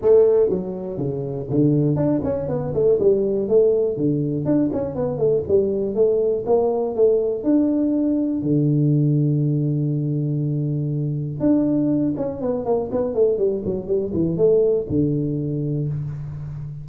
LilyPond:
\new Staff \with { instrumentName = "tuba" } { \time 4/4 \tempo 4 = 121 a4 fis4 cis4 d4 | d'8 cis'8 b8 a8 g4 a4 | d4 d'8 cis'8 b8 a8 g4 | a4 ais4 a4 d'4~ |
d'4 d2.~ | d2. d'4~ | d'8 cis'8 b8 ais8 b8 a8 g8 fis8 | g8 e8 a4 d2 | }